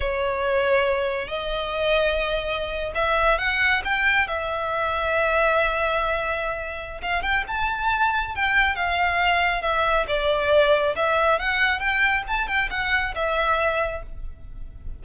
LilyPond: \new Staff \with { instrumentName = "violin" } { \time 4/4 \tempo 4 = 137 cis''2. dis''4~ | dis''2~ dis''8. e''4 fis''16~ | fis''8. g''4 e''2~ e''16~ | e''1 |
f''8 g''8 a''2 g''4 | f''2 e''4 d''4~ | d''4 e''4 fis''4 g''4 | a''8 g''8 fis''4 e''2 | }